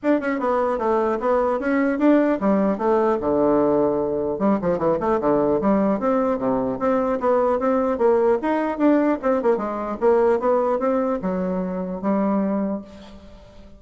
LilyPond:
\new Staff \with { instrumentName = "bassoon" } { \time 4/4 \tempo 4 = 150 d'8 cis'8 b4 a4 b4 | cis'4 d'4 g4 a4 | d2. g8 f8 | e8 a8 d4 g4 c'4 |
c4 c'4 b4 c'4 | ais4 dis'4 d'4 c'8 ais8 | gis4 ais4 b4 c'4 | fis2 g2 | }